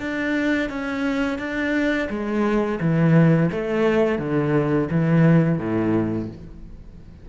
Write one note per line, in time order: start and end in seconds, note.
0.00 0.70 D4
0.70 1.39 C#4
1.39 2.09 D4
2.10 2.79 G#3
2.81 3.51 E3
3.52 4.19 A3
4.19 4.89 D3
4.91 5.59 E3
5.59 6.29 A2